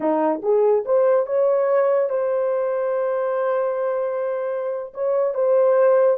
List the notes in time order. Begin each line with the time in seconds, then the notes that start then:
0.00 D#4
0.42 G#4
0.85 C5
1.26 C#5
2.09 C5
4.94 C#5
5.34 C5